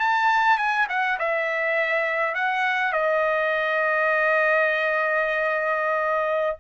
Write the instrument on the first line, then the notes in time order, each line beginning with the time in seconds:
trumpet
0.00 A5
0.58 G#5
0.89 F#5
1.19 E5
2.35 F#5
2.93 D#5